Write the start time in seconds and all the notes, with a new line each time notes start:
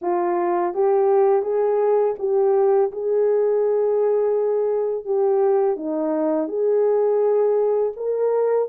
0.01 F4
0.74 G4
1.42 G#4
2.19 G4
2.91 G#4
5.04 G4
5.76 D#4
6.48 G#4
7.96 A#4